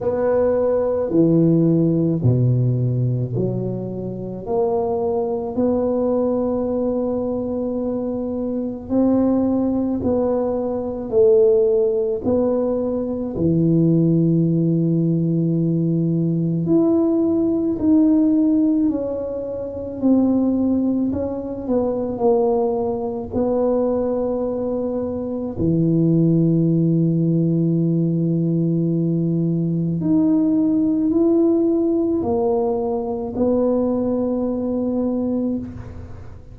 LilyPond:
\new Staff \with { instrumentName = "tuba" } { \time 4/4 \tempo 4 = 54 b4 e4 b,4 fis4 | ais4 b2. | c'4 b4 a4 b4 | e2. e'4 |
dis'4 cis'4 c'4 cis'8 b8 | ais4 b2 e4~ | e2. dis'4 | e'4 ais4 b2 | }